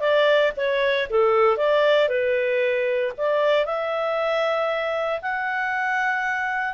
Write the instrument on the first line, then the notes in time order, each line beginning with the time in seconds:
clarinet
0.00 D5
0.56 C#5
1.09 A4
1.57 D5
2.08 B4
3.17 D5
3.65 E5
5.21 F#5